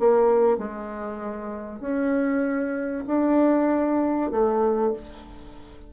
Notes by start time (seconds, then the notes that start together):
0.00 A#3
0.58 G#3
1.81 C#4
3.08 D4
4.32 A3